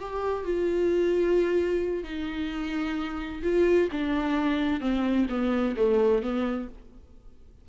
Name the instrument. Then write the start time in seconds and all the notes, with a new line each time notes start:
viola
0.00 G4
0.44 F4
2.04 D#4
3.43 F4
3.92 D4
4.81 C4
5.29 B3
5.77 A3
6.22 B3